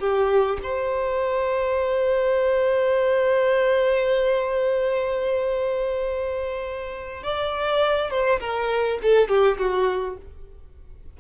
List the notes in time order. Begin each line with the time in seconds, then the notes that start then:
0.00 G4
0.63 C5
7.24 D5
8.11 C5
8.40 A#4
9.03 A4
9.29 G4
9.58 F#4